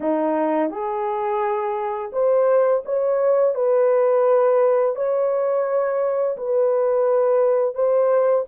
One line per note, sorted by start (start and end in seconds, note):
0.00 0.70 D#4
0.70 2.11 G#4
2.12 2.83 C5
2.85 3.55 C#5
3.55 4.95 B4
4.95 6.37 C#5
6.37 7.74 B4
7.74 8.45 C5